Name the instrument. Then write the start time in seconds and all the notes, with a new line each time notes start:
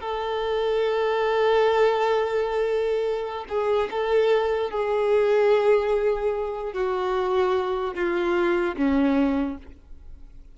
violin
0.00 A4
3.49 G#4
3.91 A4
4.70 G#4
6.73 F#4
7.95 F4
8.76 C#4